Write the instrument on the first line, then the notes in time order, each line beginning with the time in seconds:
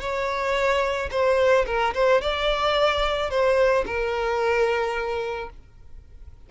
violin
0.00 C#5
1.11 C5
1.66 A#4
1.94 C5
2.21 D5
3.30 C5
3.86 A#4